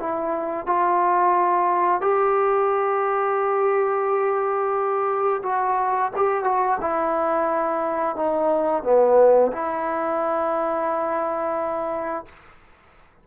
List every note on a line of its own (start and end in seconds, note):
0.00 0.67 E4
0.67 2.01 F4
2.01 5.42 G4
5.43 6.11 F#4
6.16 6.44 G4
6.44 6.78 F#4
6.81 8.16 E4
8.16 8.84 D#4
8.84 9.52 B3
9.52 12.25 E4